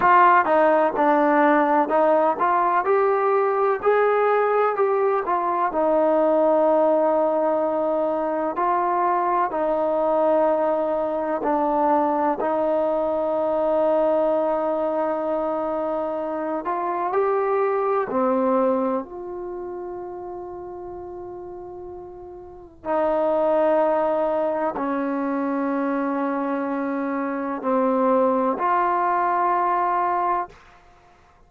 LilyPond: \new Staff \with { instrumentName = "trombone" } { \time 4/4 \tempo 4 = 63 f'8 dis'8 d'4 dis'8 f'8 g'4 | gis'4 g'8 f'8 dis'2~ | dis'4 f'4 dis'2 | d'4 dis'2.~ |
dis'4. f'8 g'4 c'4 | f'1 | dis'2 cis'2~ | cis'4 c'4 f'2 | }